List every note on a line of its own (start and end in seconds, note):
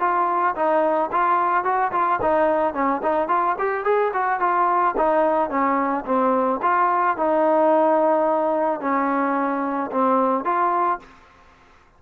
0.00 0.55 F4
0.55 1.10 D#4
1.12 1.64 F4
1.64 1.92 F#4
1.92 2.19 F4
2.22 2.74 D#4
2.74 3.02 C#4
3.03 3.29 D#4
3.29 3.56 F4
3.59 3.84 G4
3.84 4.12 G#4
4.13 4.40 F#4
4.40 4.95 F4
4.97 5.50 D#4
5.50 6.05 C#4
6.05 6.60 C4
6.62 7.17 F4
7.17 8.80 D#4
8.80 9.91 C#4
9.92 10.45 C4
10.45 10.99 F4